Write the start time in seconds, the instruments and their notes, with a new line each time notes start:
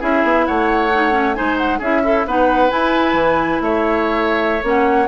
0.00 bassoon C#4, clarinet E4, oboe G#4, flute E5
0.24 bassoon B3
0.46 bassoon A3, oboe C#5, flute F#5
0.93 clarinet D#4
1.11 clarinet C#4
1.34 bassoon G#3, clarinet D#4, oboe C5, flute G#5
1.57 flute F#5
1.78 bassoon C#4, clarinet E4, oboe G#4, flute E5
2.03 oboe E4, clarinet A4
2.25 bassoon B3, clarinet D#4, oboe B4, flute F#5
2.69 clarinet E4, bassoon E4, flute G#5
3.13 bassoon E3
3.61 bassoon A3, oboe C#5, flute E5
4.63 bassoon A#3, clarinet C#4, flute F#5